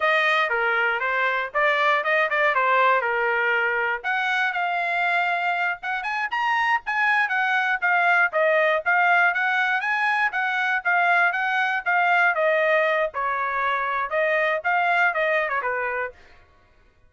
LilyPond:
\new Staff \with { instrumentName = "trumpet" } { \time 4/4 \tempo 4 = 119 dis''4 ais'4 c''4 d''4 | dis''8 d''8 c''4 ais'2 | fis''4 f''2~ f''8 fis''8 | gis''8 ais''4 gis''4 fis''4 f''8~ |
f''8 dis''4 f''4 fis''4 gis''8~ | gis''8 fis''4 f''4 fis''4 f''8~ | f''8 dis''4. cis''2 | dis''4 f''4 dis''8. cis''16 b'4 | }